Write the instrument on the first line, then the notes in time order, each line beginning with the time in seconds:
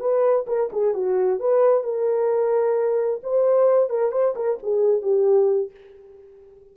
horn
0.00 B4
0.47 A#4
0.73 G#4
0.94 F#4
1.40 B4
1.84 A#4
3.23 C5
3.90 A#4
4.12 C5
4.36 A#4
4.63 G#4
5.02 G4